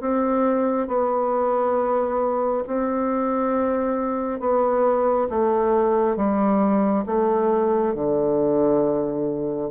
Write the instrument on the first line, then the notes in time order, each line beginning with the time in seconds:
bassoon
0.00 C4
0.87 B3
2.66 C4
4.40 B3
5.29 A3
6.16 G3
7.05 A3
7.94 D3